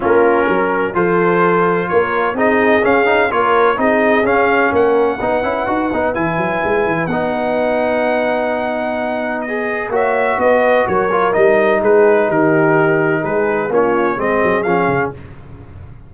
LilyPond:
<<
  \new Staff \with { instrumentName = "trumpet" } { \time 4/4 \tempo 4 = 127 ais'2 c''2 | cis''4 dis''4 f''4 cis''4 | dis''4 f''4 fis''2~ | fis''4 gis''2 fis''4~ |
fis''1 | dis''4 e''4 dis''4 cis''4 | dis''4 b'4 ais'2 | b'4 cis''4 dis''4 f''4 | }
  \new Staff \with { instrumentName = "horn" } { \time 4/4 f'4 ais'4 a'2 | ais'4 gis'2 ais'4 | gis'2 ais'4 b'4~ | b'1~ |
b'1~ | b'4 cis''4 b'4 ais'4~ | ais'4 gis'4 g'2 | gis'4 f'4 gis'2 | }
  \new Staff \with { instrumentName = "trombone" } { \time 4/4 cis'2 f'2~ | f'4 dis'4 cis'8 dis'8 f'4 | dis'4 cis'2 dis'8 e'8 | fis'8 dis'8 e'2 dis'4~ |
dis'1 | gis'4 fis'2~ fis'8 f'8 | dis'1~ | dis'4 cis'4 c'4 cis'4 | }
  \new Staff \with { instrumentName = "tuba" } { \time 4/4 ais4 fis4 f2 | ais4 c'4 cis'4 ais4 | c'4 cis'4 ais4 b8 cis'8 | dis'8 b8 e8 fis8 gis8 e8 b4~ |
b1~ | b4 ais4 b4 fis4 | g4 gis4 dis2 | gis4 ais4 gis8 fis8 f8 cis8 | }
>>